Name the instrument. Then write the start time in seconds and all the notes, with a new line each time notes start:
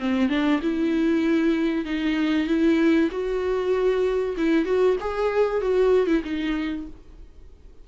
viola
0.00 C4
0.30 D4
0.62 E4
1.86 D#4
2.48 E4
3.12 F#4
4.38 E4
4.66 F#4
5.01 G#4
5.62 F#4
6.07 E4
6.24 D#4